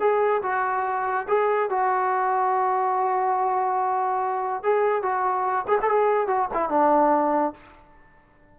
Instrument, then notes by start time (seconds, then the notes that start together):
trombone
0.00 G#4
0.43 F#4
1.28 G#4
1.70 F#4
4.63 G#4
5.03 F#4
5.68 G#4
5.82 A4
5.90 G#4
6.28 F#4
6.54 E4
6.70 D4